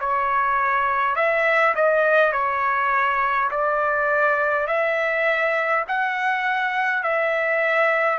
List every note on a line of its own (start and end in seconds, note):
0.00 1.16 C#5
1.16 1.74 E5
1.75 2.32 D#5
2.32 3.50 C#5
3.51 4.67 D5
4.67 5.84 E5
5.88 7.03 F#5
7.03 8.18 E5